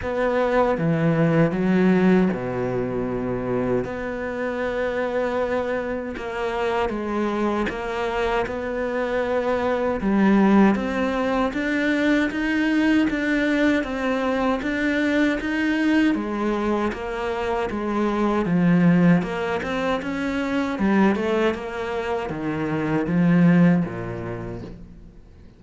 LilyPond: \new Staff \with { instrumentName = "cello" } { \time 4/4 \tempo 4 = 78 b4 e4 fis4 b,4~ | b,4 b2. | ais4 gis4 ais4 b4~ | b4 g4 c'4 d'4 |
dis'4 d'4 c'4 d'4 | dis'4 gis4 ais4 gis4 | f4 ais8 c'8 cis'4 g8 a8 | ais4 dis4 f4 ais,4 | }